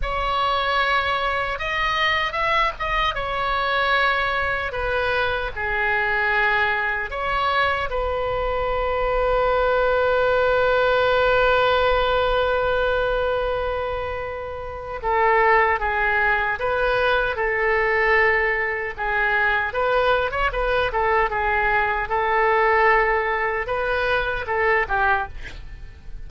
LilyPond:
\new Staff \with { instrumentName = "oboe" } { \time 4/4 \tempo 4 = 76 cis''2 dis''4 e''8 dis''8 | cis''2 b'4 gis'4~ | gis'4 cis''4 b'2~ | b'1~ |
b'2. a'4 | gis'4 b'4 a'2 | gis'4 b'8. cis''16 b'8 a'8 gis'4 | a'2 b'4 a'8 g'8 | }